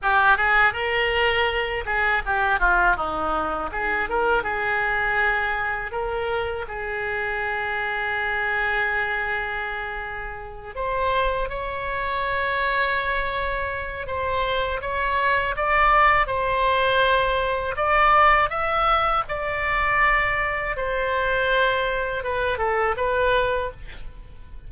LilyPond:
\new Staff \with { instrumentName = "oboe" } { \time 4/4 \tempo 4 = 81 g'8 gis'8 ais'4. gis'8 g'8 f'8 | dis'4 gis'8 ais'8 gis'2 | ais'4 gis'2.~ | gis'2~ gis'8 c''4 cis''8~ |
cis''2. c''4 | cis''4 d''4 c''2 | d''4 e''4 d''2 | c''2 b'8 a'8 b'4 | }